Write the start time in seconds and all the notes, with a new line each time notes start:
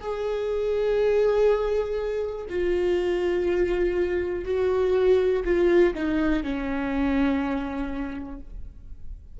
0.00 G#4
2.49 F4
4.45 F#4
5.45 F4
5.95 D#4
6.43 C#4